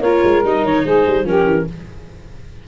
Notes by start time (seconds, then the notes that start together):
0.00 A#3 F4 A#4 C#5
0.24 G#3
0.44 G3 D#4 D#5
0.64 D#3 C#5
0.84 G#3 G#4 C5
1.07 G3
1.24 F3 C#4 G4 A#4
1.46 E3